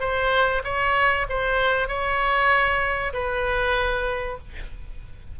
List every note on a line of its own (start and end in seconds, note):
0.00 0.62 C5
0.64 1.26 C#5
1.29 1.88 C5
1.88 3.13 C#5
3.13 4.38 B4